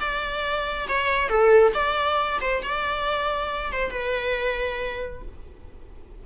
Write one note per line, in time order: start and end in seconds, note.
0.00 0.88 D5
0.89 1.29 C#5
1.29 1.73 A4
1.74 2.39 D5
2.41 2.63 C5
2.63 3.72 D5
3.72 3.91 C5
3.91 5.22 B4